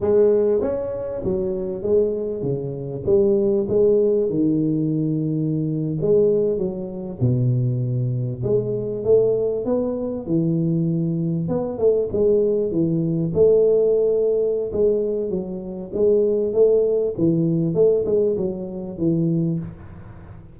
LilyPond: \new Staff \with { instrumentName = "tuba" } { \time 4/4 \tempo 4 = 98 gis4 cis'4 fis4 gis4 | cis4 g4 gis4 dis4~ | dis4.~ dis16 gis4 fis4 b,16~ | b,4.~ b,16 gis4 a4 b16~ |
b8. e2 b8 a8 gis16~ | gis8. e4 a2~ a16 | gis4 fis4 gis4 a4 | e4 a8 gis8 fis4 e4 | }